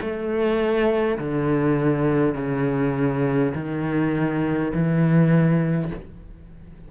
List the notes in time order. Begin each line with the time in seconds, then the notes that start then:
0.00 A3
1.18 D3
2.35 C#3
3.55 D#3
4.73 E3